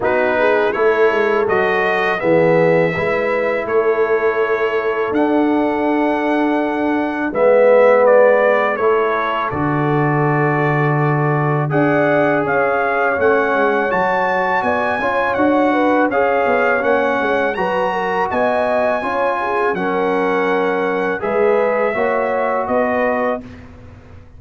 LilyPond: <<
  \new Staff \with { instrumentName = "trumpet" } { \time 4/4 \tempo 4 = 82 b'4 cis''4 dis''4 e''4~ | e''4 cis''2 fis''4~ | fis''2 e''4 d''4 | cis''4 d''2. |
fis''4 f''4 fis''4 a''4 | gis''4 fis''4 f''4 fis''4 | ais''4 gis''2 fis''4~ | fis''4 e''2 dis''4 | }
  \new Staff \with { instrumentName = "horn" } { \time 4/4 fis'8 gis'8 a'2 gis'4 | b'4 a'2.~ | a'2 b'2 | a'1 |
d''4 cis''2. | d''8 cis''4 b'8 cis''2 | b'8 ais'8 dis''4 cis''8 gis'8 ais'4~ | ais'4 b'4 cis''4 b'4 | }
  \new Staff \with { instrumentName = "trombone" } { \time 4/4 dis'4 e'4 fis'4 b4 | e'2. d'4~ | d'2 b2 | e'4 fis'2. |
gis'2 cis'4 fis'4~ | fis'8 f'8 fis'4 gis'4 cis'4 | fis'2 f'4 cis'4~ | cis'4 gis'4 fis'2 | }
  \new Staff \with { instrumentName = "tuba" } { \time 4/4 b4 a8 gis8 fis4 e4 | gis4 a2 d'4~ | d'2 gis2 | a4 d2. |
d'4 cis'4 a8 gis8 fis4 | b8 cis'8 d'4 cis'8 b8 ais8 gis8 | fis4 b4 cis'4 fis4~ | fis4 gis4 ais4 b4 | }
>>